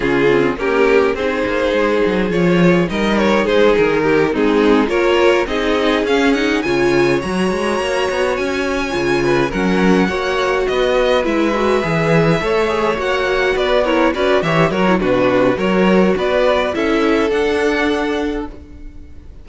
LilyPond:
<<
  \new Staff \with { instrumentName = "violin" } { \time 4/4 \tempo 4 = 104 gis'4 ais'4 c''2 | cis''4 dis''8 cis''8 c''8 ais'4 gis'8~ | gis'8 cis''4 dis''4 f''8 fis''8 gis''8~ | gis''8 ais''2 gis''4.~ |
gis''8 fis''2 dis''4 e''8~ | e''2~ e''8 fis''4 d''8 | cis''8 d''8 e''8 cis''8 b'4 cis''4 | d''4 e''4 fis''2 | }
  \new Staff \with { instrumentName = "violin" } { \time 4/4 f'4 g'4 gis'2~ | gis'4 ais'4 gis'4 g'8 dis'8~ | dis'8 ais'4 gis'2 cis''8~ | cis''1 |
b'8 ais'4 cis''4 b'4.~ | b'4. cis''2 b'8 | ais'8 b'8 cis''8 ais'8 fis'4 ais'4 | b'4 a'2. | }
  \new Staff \with { instrumentName = "viola" } { \time 4/4 cis'8 c'8 ais4 dis'2 | f'4 dis'2~ dis'8 c'8~ | c'8 f'4 dis'4 cis'8 dis'8 f'8~ | f'8 fis'2. f'8~ |
f'8 cis'4 fis'2 e'8 | fis'8 gis'4 a'8 gis'8 fis'4. | e'8 fis'8 g'8 fis'16 e'16 d'4 fis'4~ | fis'4 e'4 d'2 | }
  \new Staff \with { instrumentName = "cello" } { \time 4/4 cis4 cis'4 c'8 ais8 gis8 fis8 | f4 g4 gis8 dis4 gis8~ | gis8 ais4 c'4 cis'4 cis8~ | cis8 fis8 gis8 ais8 b8 cis'4 cis8~ |
cis8 fis4 ais4 b4 gis8~ | gis8 e4 a4 ais4 b8~ | b8 cis'8 e8 fis8 b,4 fis4 | b4 cis'4 d'2 | }
>>